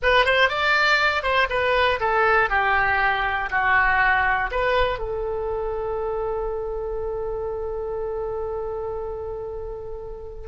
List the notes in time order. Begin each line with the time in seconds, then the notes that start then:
0.02 B4
0.25 C5
0.49 D5
1.22 C5
1.49 B4
2.00 A4
2.49 G4
3.50 F#4
4.51 B4
4.98 A4